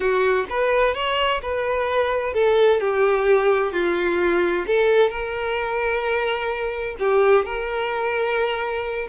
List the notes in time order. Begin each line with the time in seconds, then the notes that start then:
0.00 F#4
0.49 B4
0.94 C#5
1.42 B4
2.33 A4
2.80 G4
3.72 F4
4.66 A4
5.10 A#4
6.99 G4
7.45 A#4